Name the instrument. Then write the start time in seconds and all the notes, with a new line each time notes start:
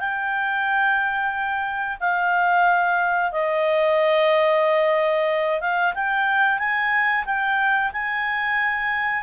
clarinet
0.00 G5
2.00 F5
3.32 D#5
5.61 F5
5.95 G5
6.59 G#5
7.25 G5
7.93 G#5